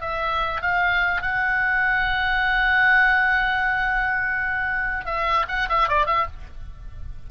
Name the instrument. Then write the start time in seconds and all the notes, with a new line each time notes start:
oboe
0.00 E5
0.61 F5
1.22 F#5
5.05 E5
5.48 F#5
5.69 E5
5.88 D5
6.06 E5